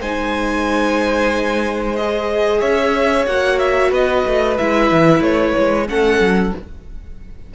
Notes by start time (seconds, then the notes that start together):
0.00 G#3 D#4 C5 G#5
1.96 G#4 D#5
2.60 C#4 C#5 E5
3.26 A#3 F#4 F#5
3.59 E5
3.90 B3 B4 D#5
4.26 A3
4.57 G#3 E4 E5
4.91 E3
5.20 A3 C#5
5.58 G#3
5.88 A3 C#4 A4 F#5
6.20 F#3